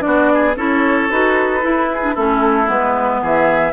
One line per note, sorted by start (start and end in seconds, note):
0.00 0.56 B3
0.00 0.53 D4
0.00 0.55 D5
0.06 0.33 F#4
0.34 0.57 G#4
0.56 1.09 C#4
0.56 1.10 E4
0.56 1.89 A4
0.56 1.11 C#5
1.10 1.64 D#4
1.10 1.61 F#4
1.10 2.16 B4
1.61 2.00 E4
1.61 2.17 E4
1.93 2.14 G#4
2.01 2.15 D4
2.14 2.69 A3
2.14 2.66 C#4
2.14 3.21 E4
2.14 2.69 A4
2.66 3.22 G#3
2.66 3.73 B3
2.66 3.24 B4
3.22 3.73 E3
3.22 3.73 G#4
3.22 3.73 E5